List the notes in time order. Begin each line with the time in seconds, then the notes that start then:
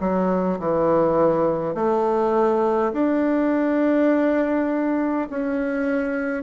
0.00 F#3
0.59 E3
1.75 A3
2.93 D4
5.30 C#4